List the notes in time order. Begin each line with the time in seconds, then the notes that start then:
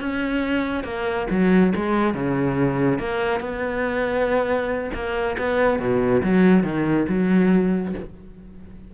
0.00 C#4
0.84 A#3
1.30 F#3
1.75 G#3
2.14 C#3
2.99 A#3
3.40 B3
4.93 A#3
5.38 B3
5.79 B2
6.23 F#3
6.63 D#3
7.08 F#3